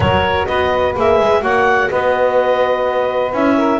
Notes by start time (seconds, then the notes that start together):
0.00 F#3 F#4 A#4 C#5
0.46 B3 B4 D#5
0.96 A#3 G#4 E5
1.19 G#3
1.40 A#3 F#4 C#5 F#5
1.90 B3 B4 D#5
3.32 C#4 E4 E5
3.56 A#4